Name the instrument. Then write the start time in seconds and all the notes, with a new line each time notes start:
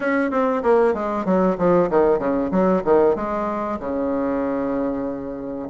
bassoon
0.00 C#4
0.30 C4
0.63 A#3
0.94 G#3
1.25 F#3
1.58 F3
1.90 D#3
2.18 C#3
2.51 F#3
2.84 D#3
3.15 G#3
3.79 C#3